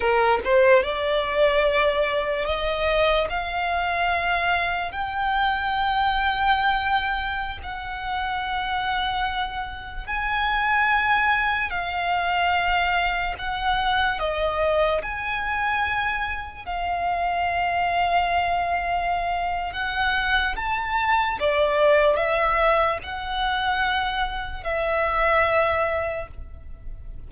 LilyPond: \new Staff \with { instrumentName = "violin" } { \time 4/4 \tempo 4 = 73 ais'8 c''8 d''2 dis''4 | f''2 g''2~ | g''4~ g''16 fis''2~ fis''8.~ | fis''16 gis''2 f''4.~ f''16~ |
f''16 fis''4 dis''4 gis''4.~ gis''16~ | gis''16 f''2.~ f''8. | fis''4 a''4 d''4 e''4 | fis''2 e''2 | }